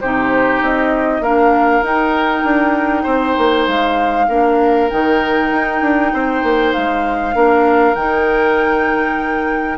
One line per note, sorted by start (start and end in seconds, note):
0.00 0.61 C3
0.00 1.23 D#4
0.00 1.22 G4
0.00 0.61 C5
0.61 1.20 C4
0.61 1.22 D#5
1.20 1.81 A#3
1.20 1.83 D4
1.20 3.03 A#4
1.20 1.83 F5
1.81 2.42 D#4
1.81 4.28 D#4
1.81 3.67 G5
2.43 3.04 D4
3.03 3.36 C4
3.03 4.25 C5
3.37 3.67 A#3
3.67 4.28 G#3
3.67 4.89 F5
4.28 4.89 A#3
4.28 4.89 D4
4.28 6.12 A#4
4.89 5.51 D#3
4.89 7.33 D#4
4.89 6.73 G5
5.51 5.81 D#4
5.81 6.12 D4
6.13 6.43 C4
6.13 7.35 C5
6.43 6.73 A#3
6.73 7.35 G#3
6.73 7.94 F5
7.33 7.95 A#3
7.33 7.95 D4
7.33 9.78 A#4
7.94 9.78 D#3
7.94 9.78 D#4
7.94 9.78 G5